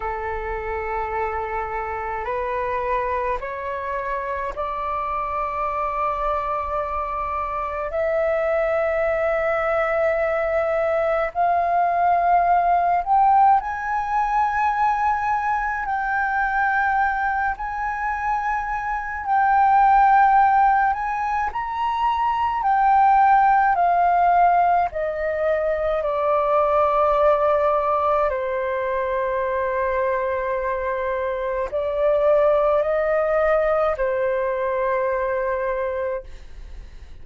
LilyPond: \new Staff \with { instrumentName = "flute" } { \time 4/4 \tempo 4 = 53 a'2 b'4 cis''4 | d''2. e''4~ | e''2 f''4. g''8 | gis''2 g''4. gis''8~ |
gis''4 g''4. gis''8 ais''4 | g''4 f''4 dis''4 d''4~ | d''4 c''2. | d''4 dis''4 c''2 | }